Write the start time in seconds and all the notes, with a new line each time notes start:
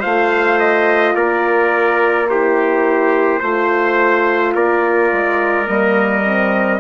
0.00 A3 F4 C5 F5
0.59 D#5
1.15 A#3 A#4 D5
2.29 E4 G4 C5
3.40 A3 F4 C5
4.54 A#3 A#4 D5
5.12 G#3
5.66 G3 A#3 D#5
6.24 C4